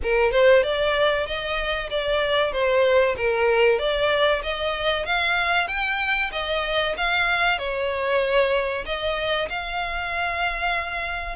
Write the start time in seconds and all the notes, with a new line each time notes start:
0.02 A#4
0.31 C5
0.63 D5
1.26 D#5
1.89 D5
2.52 C5
3.16 A#4
3.78 D5
4.42 D#5
5.05 F5
5.67 G5
6.32 D#5
6.97 F5
7.58 C#5
8.85 D#5
9.49 F5